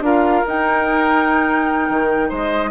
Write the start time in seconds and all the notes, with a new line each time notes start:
0.00 D4 F4 A#4 F5
0.46 D#4 G5
1.89 D#3
2.29 G#3 C5 D#5